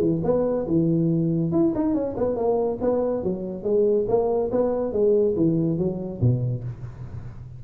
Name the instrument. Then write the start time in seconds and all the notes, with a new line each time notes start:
tuba
0.00 E3
0.23 B3
0.67 E3
1.51 E4
1.74 D#4
1.94 C#4
2.17 B3
2.35 A#3
2.81 B3
3.23 F#3
3.63 G#3
4.08 A#3
4.51 B3
4.92 G#3
5.36 E3
5.78 F#3
6.21 B2